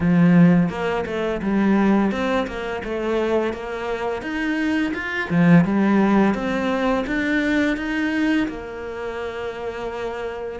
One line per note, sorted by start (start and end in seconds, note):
0.00 0.69 F3
0.69 1.04 A#3
1.06 1.41 A3
1.41 2.11 G3
2.11 2.46 C4
2.47 2.82 A#3
2.84 3.53 A3
3.53 4.22 A#3
4.22 4.92 D#4
4.93 5.29 F4
5.29 5.65 F3
5.65 6.34 G3
6.34 7.04 C4
7.07 7.76 D4
7.76 8.47 D#4
8.48 10.59 A#3